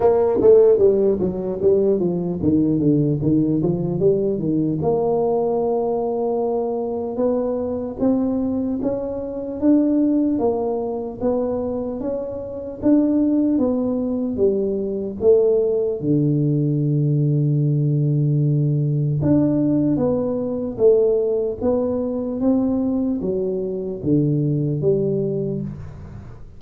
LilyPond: \new Staff \with { instrumentName = "tuba" } { \time 4/4 \tempo 4 = 75 ais8 a8 g8 fis8 g8 f8 dis8 d8 | dis8 f8 g8 dis8 ais2~ | ais4 b4 c'4 cis'4 | d'4 ais4 b4 cis'4 |
d'4 b4 g4 a4 | d1 | d'4 b4 a4 b4 | c'4 fis4 d4 g4 | }